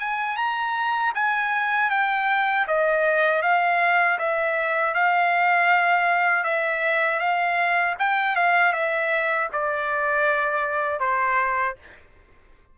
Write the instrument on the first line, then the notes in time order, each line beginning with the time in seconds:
trumpet
0.00 G#5
0.37 A#5
1.15 G#5
1.91 G5
2.68 D#5
3.42 F5
4.19 E5
4.94 F5
6.44 E5
7.19 F5
7.99 G5
8.36 F5
8.73 E5
9.53 D5
11.00 C5